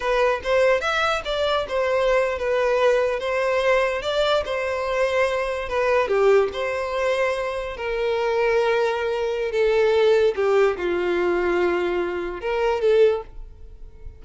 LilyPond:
\new Staff \with { instrumentName = "violin" } { \time 4/4 \tempo 4 = 145 b'4 c''4 e''4 d''4 | c''4.~ c''16 b'2 c''16~ | c''4.~ c''16 d''4 c''4~ c''16~ | c''4.~ c''16 b'4 g'4 c''16~ |
c''2~ c''8. ais'4~ ais'16~ | ais'2. a'4~ | a'4 g'4 f'2~ | f'2 ais'4 a'4 | }